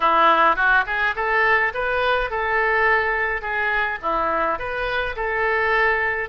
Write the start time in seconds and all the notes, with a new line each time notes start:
0.00 E4
0.56 F#4
0.86 G#4
1.15 A4
1.74 B4
2.30 A4
3.41 G#4
4.02 E4
4.58 B4
5.16 A4